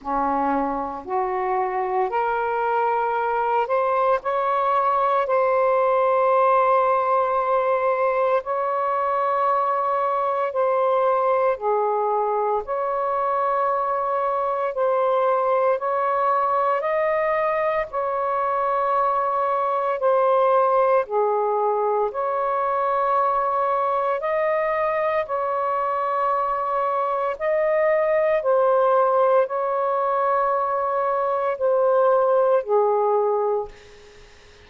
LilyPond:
\new Staff \with { instrumentName = "saxophone" } { \time 4/4 \tempo 4 = 57 cis'4 fis'4 ais'4. c''8 | cis''4 c''2. | cis''2 c''4 gis'4 | cis''2 c''4 cis''4 |
dis''4 cis''2 c''4 | gis'4 cis''2 dis''4 | cis''2 dis''4 c''4 | cis''2 c''4 gis'4 | }